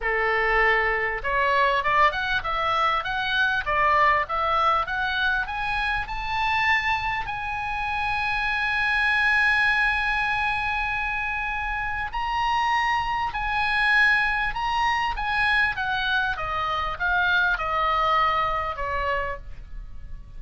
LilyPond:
\new Staff \with { instrumentName = "oboe" } { \time 4/4 \tempo 4 = 99 a'2 cis''4 d''8 fis''8 | e''4 fis''4 d''4 e''4 | fis''4 gis''4 a''2 | gis''1~ |
gis''1 | ais''2 gis''2 | ais''4 gis''4 fis''4 dis''4 | f''4 dis''2 cis''4 | }